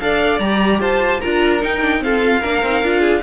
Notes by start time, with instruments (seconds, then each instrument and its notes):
0.00 cello D4, viola A4, violin D5 F5
0.39 cello G3, viola G4, violin A#5
0.80 cello F4, violin C5 A5
1.21 cello D4, viola F4, violin A#4 A#5
1.60 viola D#4, cello D#4, violin G5
1.82 viola D4
1.99 viola C4, cello F4, violin A4 F5
2.40 cello A#3, viola D4, violin A#4
2.63 cello C4, viola D#4
2.83 cello D4, viola F4
3.00 violin G#4